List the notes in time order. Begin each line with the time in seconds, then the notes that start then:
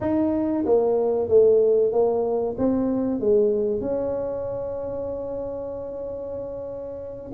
0.01 D#4
0.65 A#3
1.28 A3
1.92 A#3
2.58 C4
3.19 G#3
3.80 C#4